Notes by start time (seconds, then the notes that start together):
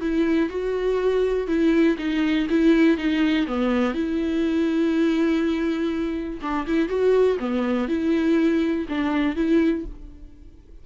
0.00 E4
0.49 F#4
1.47 E4
1.98 D#4
2.49 E4
2.97 D#4
3.47 B3
3.94 E4
6.41 D4
6.66 E4
6.88 F#4
7.39 B3
7.88 E4
8.88 D4
9.35 E4